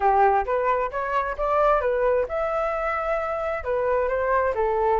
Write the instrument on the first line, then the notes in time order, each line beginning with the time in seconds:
flute
0.00 G4
0.45 B4
0.91 C#5
1.37 D5
1.80 B4
2.28 E5
3.64 B4
4.08 C5
4.54 A4